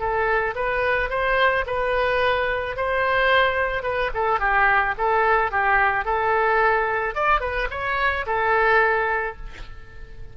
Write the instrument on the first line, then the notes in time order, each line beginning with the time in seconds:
oboe
0.00 A4
0.56 B4
1.10 C5
1.67 B4
2.77 C5
3.83 B4
4.14 A4
4.40 G4
4.98 A4
5.52 G4
6.05 A4
7.15 D5
7.41 B4
7.71 C#5
8.27 A4